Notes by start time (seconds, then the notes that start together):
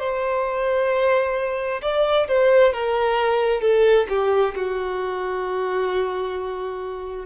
0.00 C5
1.82 D5
2.28 C5
2.73 A#4
3.62 A4
4.09 G4
4.55 F#4